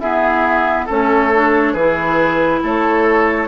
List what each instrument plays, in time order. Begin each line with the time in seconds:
0.00 clarinet B3, bassoon E4, oboe G#4, flute E5
0.86 bassoon A3, clarinet C#4, oboe A4, flute C#5
1.35 clarinet D4
1.73 bassoon E3, clarinet E4, oboe G#4, flute B4
2.63 bassoon A3, oboe A4, flute C#5